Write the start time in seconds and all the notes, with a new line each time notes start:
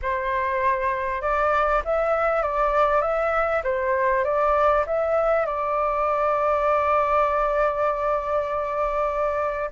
0.02 C5
1.21 D5
1.84 E5
2.42 D5
3.01 E5
3.63 C5
4.24 D5
4.86 E5
5.45 D5